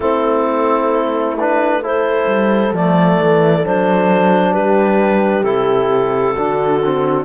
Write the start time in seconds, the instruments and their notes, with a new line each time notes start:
0.00 cello A3, trombone C4, horn E4, clarinet A4
1.38 trombone D4, clarinet B4
1.82 trombone E4, horn A4, clarinet C5
2.27 cello G3
2.73 cello F3, trombone A3, clarinet D5
3.19 cello E3
3.64 cello F#3, trombone D4, clarinet C5
4.52 cello G3, horn G4, clarinet B4
5.43 cello C3, trombone E4, clarinet A4
6.34 cello D3, trombone D4, horn F#4
6.84 trombone C4